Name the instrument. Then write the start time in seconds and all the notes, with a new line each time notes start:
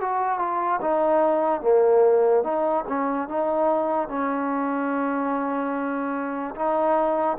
trombone
0.00 F#4
0.38 F4
0.81 D#4
1.61 A#3
2.43 D#4
2.88 C#4
3.28 D#4
4.08 C#4
6.55 D#4